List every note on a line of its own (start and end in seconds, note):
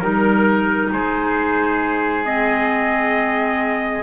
0.00 0.91 G3
0.00 2.24 D#4
0.00 0.90 A#4
0.00 0.92 A#4
0.92 4.02 G#3
0.92 4.02 G#4
0.92 2.25 C5
2.24 4.02 C4
2.24 4.02 D#5